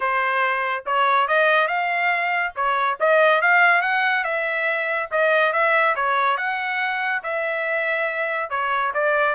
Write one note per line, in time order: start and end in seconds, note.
0.00 0.84 C5
0.85 1.27 C#5
1.27 1.67 D#5
1.67 2.52 F5
2.55 2.98 C#5
3.00 3.41 D#5
3.41 3.81 F5
3.81 4.24 F#5
4.24 5.09 E5
5.11 5.52 D#5
5.52 5.95 E5
5.95 6.37 C#5
6.37 7.22 F#5
7.23 8.50 E5
8.50 8.92 C#5
8.94 9.35 D5